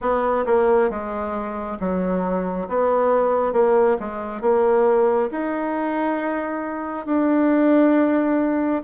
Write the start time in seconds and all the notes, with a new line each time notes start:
0.01 B3
0.46 A#3
0.89 G#3
1.79 F#3
2.68 B3
3.53 A#3
3.99 G#3
4.41 A#3
5.31 D#4
7.06 D4